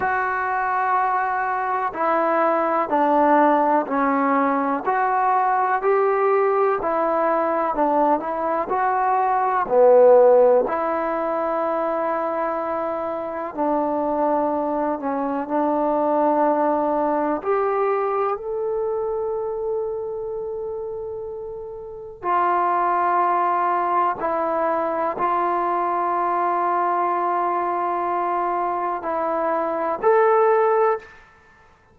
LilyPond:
\new Staff \with { instrumentName = "trombone" } { \time 4/4 \tempo 4 = 62 fis'2 e'4 d'4 | cis'4 fis'4 g'4 e'4 | d'8 e'8 fis'4 b4 e'4~ | e'2 d'4. cis'8 |
d'2 g'4 a'4~ | a'2. f'4~ | f'4 e'4 f'2~ | f'2 e'4 a'4 | }